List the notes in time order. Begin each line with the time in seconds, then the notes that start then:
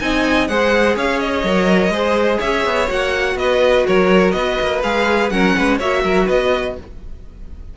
0.00 C4 D#4 D#5 G#5
0.48 G#3 G#4 C5 F#5
0.96 C#4 C#5 F5
1.20 D#5
1.44 F#3 A#4
1.89 G#3 G#4 C5
2.39 C#4 C#5 E5
2.66 B3
2.87 A#3 F#4 F#5
3.36 B3 B4 D#5
3.87 F#3 A#4 C#5
4.32 B3 B4 D#5
4.61 A#3
4.83 G#3 G#4 F5
5.30 F#3 C#4 A#4 F#5
5.57 G#3 B4
5.78 A#3 F#4 C#5 E5
6.04 F#3 A#4
6.26 B3 B4 D#5